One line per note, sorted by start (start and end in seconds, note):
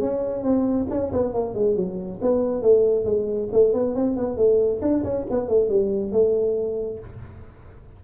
0.00 0.43 C#4
0.43 0.87 C4
0.90 1.12 C#4
1.13 1.33 B3
1.33 1.55 A#3
1.55 1.76 G#3
1.76 2.20 F#3
2.22 2.62 B3
2.62 3.05 A3
3.05 3.49 G#3
3.53 3.73 A3
3.73 3.95 B3
3.95 4.17 C4
4.17 4.37 B3
4.37 4.81 A3
4.82 5.04 D4
5.04 5.26 C#4
5.30 5.49 B3
5.49 5.69 A3
5.69 6.12 G3
6.12 7.00 A3